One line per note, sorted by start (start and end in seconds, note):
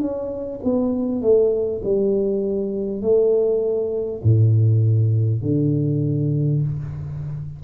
0.00 0.60 C#4
0.64 1.21 B3
1.21 1.81 A3
1.84 3.02 G3
3.02 4.22 A3
4.23 5.42 A2
5.42 6.62 D3